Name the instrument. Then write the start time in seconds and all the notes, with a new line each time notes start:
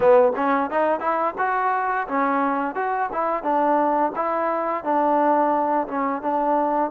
trombone
0.00 B3
0.36 C#4
0.70 D#4
0.99 E4
1.38 F#4
2.07 C#4
2.75 F#4
3.12 E4
3.43 D4
4.15 E4
4.83 D4
5.87 C#4
6.22 D4